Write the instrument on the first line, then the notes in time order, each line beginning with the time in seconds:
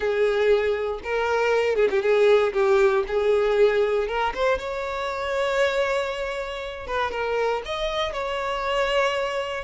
violin
0.00 G#4
1.03 A#4
1.75 G#4
1.90 G4
2.02 G#4
2.53 G4
3.07 G#4
4.07 A#4
4.34 C5
4.58 C#5
6.86 B4
7.11 A#4
7.65 D#5
8.12 C#5